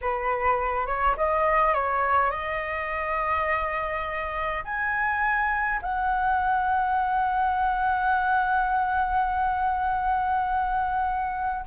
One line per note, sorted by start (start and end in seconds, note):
0.01 0.86 B4
0.86 1.15 C#5
1.17 1.73 D#5
1.73 2.31 C#5
2.31 4.64 D#5
4.64 5.81 G#5
5.82 11.64 F#5